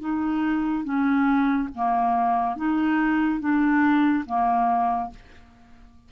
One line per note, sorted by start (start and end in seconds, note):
0.00 0.84 D#4
0.84 1.69 C#4
1.74 2.56 A#3
2.56 3.40 D#4
3.40 4.24 D4
4.26 5.10 A#3